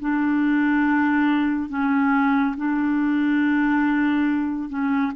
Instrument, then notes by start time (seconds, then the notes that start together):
clarinet
0.00 D4
1.69 C#4
2.56 D4
4.69 C#4